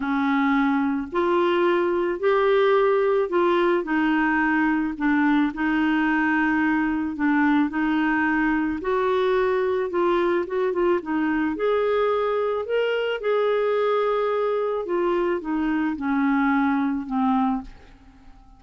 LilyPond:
\new Staff \with { instrumentName = "clarinet" } { \time 4/4 \tempo 4 = 109 cis'2 f'2 | g'2 f'4 dis'4~ | dis'4 d'4 dis'2~ | dis'4 d'4 dis'2 |
fis'2 f'4 fis'8 f'8 | dis'4 gis'2 ais'4 | gis'2. f'4 | dis'4 cis'2 c'4 | }